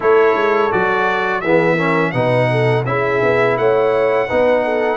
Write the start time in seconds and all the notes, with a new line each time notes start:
0.00 A3 E4 A4 C#5
0.35 G#3
0.70 F#3 F#4 D5
1.41 E3 B3 G#4 E5
1.75 C#4 A#4
2.11 B2 D#4 B4 F#5
2.51 A4
2.85 C#4 E4 G#4 E5
3.22 B3
3.57 A3 C#5 F#5
4.27 B3 D#4 B4
4.64 A4